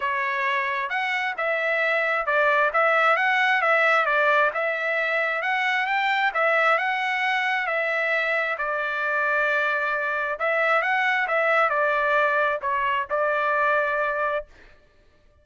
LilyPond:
\new Staff \with { instrumentName = "trumpet" } { \time 4/4 \tempo 4 = 133 cis''2 fis''4 e''4~ | e''4 d''4 e''4 fis''4 | e''4 d''4 e''2 | fis''4 g''4 e''4 fis''4~ |
fis''4 e''2 d''4~ | d''2. e''4 | fis''4 e''4 d''2 | cis''4 d''2. | }